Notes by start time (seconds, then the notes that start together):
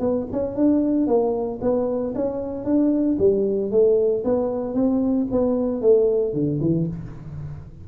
0.00 B3
0.32 C#4
0.55 D4
1.07 A#3
1.61 B3
2.15 C#4
2.64 D4
3.19 G3
3.71 A3
4.24 B3
4.74 C4
5.31 B3
5.81 A3
6.33 D3
6.61 E3